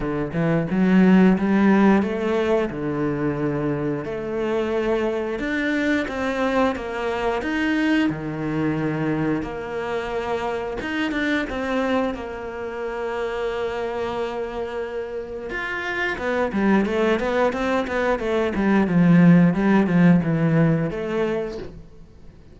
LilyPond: \new Staff \with { instrumentName = "cello" } { \time 4/4 \tempo 4 = 89 d8 e8 fis4 g4 a4 | d2 a2 | d'4 c'4 ais4 dis'4 | dis2 ais2 |
dis'8 d'8 c'4 ais2~ | ais2. f'4 | b8 g8 a8 b8 c'8 b8 a8 g8 | f4 g8 f8 e4 a4 | }